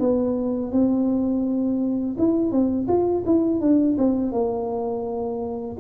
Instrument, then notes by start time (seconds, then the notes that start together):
tuba
0.00 B3
0.72 C4
2.18 E4
2.51 C4
2.88 F4
3.26 E4
3.61 D4
3.98 C4
4.32 A#3